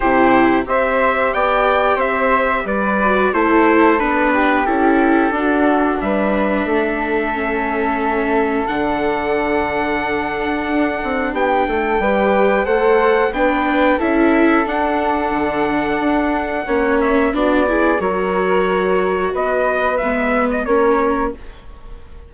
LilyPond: <<
  \new Staff \with { instrumentName = "trumpet" } { \time 4/4 \tempo 4 = 90 c''4 e''4 g''4 e''4 | d''4 c''4 b'4 a'4~ | a'4 e''2.~ | e''4 fis''2.~ |
fis''4 g''2 fis''4 | g''4 e''4 fis''2~ | fis''4. e''8 d''4 cis''4~ | cis''4 dis''4 e''8. dis''16 cis''4 | }
  \new Staff \with { instrumentName = "flute" } { \time 4/4 g'4 c''4 d''4 c''4 | b'4 a'4. g'4. | fis'4 b'4 a'2~ | a'1~ |
a'4 g'8 a'8 b'4 c''4 | b'4 a'2.~ | a'4 cis''4 fis'8 gis'8 ais'4~ | ais'4 b'2 ais'4 | }
  \new Staff \with { instrumentName = "viola" } { \time 4/4 e'4 g'2.~ | g'8 fis'8 e'4 d'4 e'4 | d'2. cis'4~ | cis'4 d'2.~ |
d'2 g'4 a'4 | d'4 e'4 d'2~ | d'4 cis'4 d'8 e'8 fis'4~ | fis'2 b4 cis'4 | }
  \new Staff \with { instrumentName = "bassoon" } { \time 4/4 c4 c'4 b4 c'4 | g4 a4 b4 cis'4 | d'4 g4 a2~ | a4 d2. |
d'8 c'8 b8 a8 g4 a4 | b4 cis'4 d'4 d4 | d'4 ais4 b4 fis4~ | fis4 b4 gis4 ais4 | }
>>